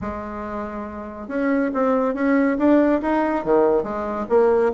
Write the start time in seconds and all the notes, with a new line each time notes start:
0.01 G#3
1.28 C#4
1.74 C4
2.14 C#4
2.58 D4
3.01 D#4
3.44 D#3
3.83 G#3
4.29 A#3